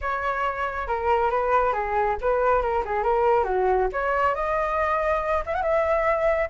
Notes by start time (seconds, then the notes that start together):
0.01 C#5
0.87 A#4
1.30 B4
1.72 G#4
2.21 B4
2.61 A#4
2.85 G#4
3.03 A#4
3.44 F#4
3.92 C#5
4.34 D#5
5.45 E5
5.54 F#5
5.62 E5